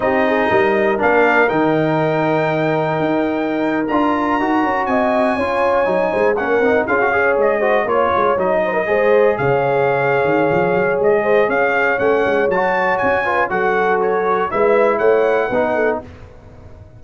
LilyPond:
<<
  \new Staff \with { instrumentName = "trumpet" } { \time 4/4 \tempo 4 = 120 dis''2 f''4 g''4~ | g''2.~ g''8. ais''16~ | ais''4.~ ais''16 gis''2~ gis''16~ | gis''8. fis''4 f''4 dis''4 cis''16~ |
cis''8. dis''2 f''4~ f''16~ | f''2 dis''4 f''4 | fis''4 a''4 gis''4 fis''4 | cis''4 e''4 fis''2 | }
  \new Staff \with { instrumentName = "horn" } { \time 4/4 g'8 gis'8 ais'2.~ | ais'1~ | ais'4.~ ais'16 dis''4 cis''4~ cis''16~ | cis''16 c''8 ais'4 gis'8 cis''4 c''8 cis''16~ |
cis''4~ cis''16 c''16 ais'16 c''4 cis''4~ cis''16~ | cis''2~ cis''8 c''8 cis''4~ | cis''2~ cis''8 b'8 a'4~ | a'4 b'4 cis''4 b'8 a'8 | }
  \new Staff \with { instrumentName = "trombone" } { \time 4/4 dis'2 d'4 dis'4~ | dis'2.~ dis'8. f'16~ | f'8. fis'2 f'4 dis'16~ | dis'8. cis'8 dis'8 f'16 fis'16 gis'4 fis'8 f'16~ |
f'8. dis'4 gis'2~ gis'16~ | gis'1 | cis'4 fis'4. f'8 fis'4~ | fis'4 e'2 dis'4 | }
  \new Staff \with { instrumentName = "tuba" } { \time 4/4 c'4 g4 ais4 dis4~ | dis2 dis'4.~ dis'16 d'16~ | d'8. dis'8 cis'8 c'4 cis'4 fis16~ | fis16 gis8 ais8 c'8 cis'4 gis4 ais16~ |
ais16 gis8 fis4 gis4 cis4~ cis16~ | cis8 dis8 f8 fis8 gis4 cis'4 | a8 gis8 fis4 cis'4 fis4~ | fis4 gis4 a4 b4 | }
>>